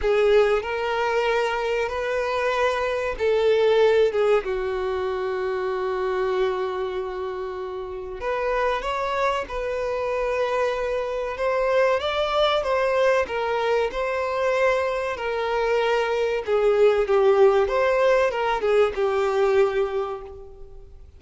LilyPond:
\new Staff \with { instrumentName = "violin" } { \time 4/4 \tempo 4 = 95 gis'4 ais'2 b'4~ | b'4 a'4. gis'8 fis'4~ | fis'1~ | fis'4 b'4 cis''4 b'4~ |
b'2 c''4 d''4 | c''4 ais'4 c''2 | ais'2 gis'4 g'4 | c''4 ais'8 gis'8 g'2 | }